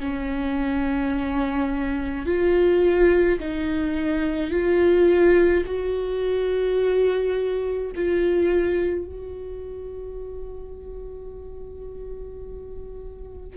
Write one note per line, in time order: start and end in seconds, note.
0.00 2.26 C#4
2.26 3.40 F4
3.40 4.51 D#4
4.51 5.64 F4
5.66 7.92 F#4
7.96 9.06 F4
9.06 13.57 F#4